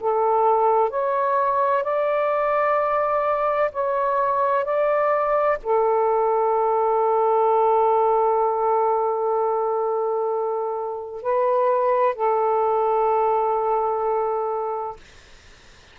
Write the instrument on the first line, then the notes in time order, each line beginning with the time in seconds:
saxophone
0.00 A4
0.90 C#5
1.84 D5
3.72 C#5
4.64 D5
5.63 A4
11.22 B4
12.15 A4